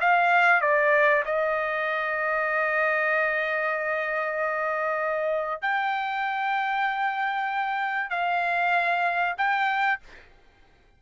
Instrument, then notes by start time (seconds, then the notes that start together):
trumpet
0.00 F5
0.61 D5
1.25 D#5
5.61 G5
8.10 F5
9.37 G5